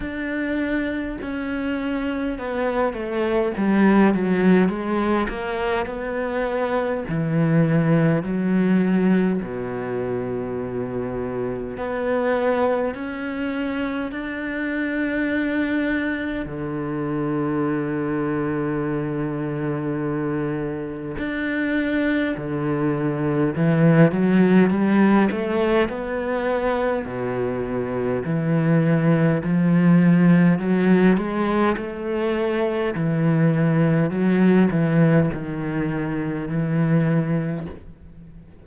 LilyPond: \new Staff \with { instrumentName = "cello" } { \time 4/4 \tempo 4 = 51 d'4 cis'4 b8 a8 g8 fis8 | gis8 ais8 b4 e4 fis4 | b,2 b4 cis'4 | d'2 d2~ |
d2 d'4 d4 | e8 fis8 g8 a8 b4 b,4 | e4 f4 fis8 gis8 a4 | e4 fis8 e8 dis4 e4 | }